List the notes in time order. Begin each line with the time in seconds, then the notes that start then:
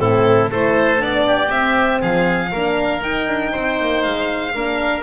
0.00 A2 C4 E4 A4
0.51 A3 E4 A4 C5
0.98 B3 D4 D5
1.27 G4
1.49 C4 E5
2.01 F3 G#4 F5
2.52 A#3 D4 A#4
3.02 D#4 G5
3.28 D4
3.52 C4 C5
3.81 A#3
4.03 G#3 F5
4.55 A#3 D4 A#4